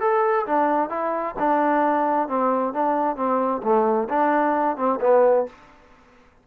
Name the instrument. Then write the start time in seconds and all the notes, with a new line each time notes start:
trombone
0.00 A4
0.46 D4
0.89 E4
1.39 D4
2.28 C4
2.73 D4
3.16 C4
3.63 A3
4.08 D4
4.76 C4
5.00 B3